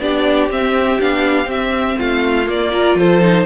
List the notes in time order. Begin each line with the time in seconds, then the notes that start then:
0.00 B3 D4 G4 D5
0.50 C4 E5
1.01 B3 D4 F5
1.45 C4 E5
1.98 A3 F4 F5
2.47 A#3 D5
2.72 F4 A#4
2.95 F3 A4 C5
3.22 D#4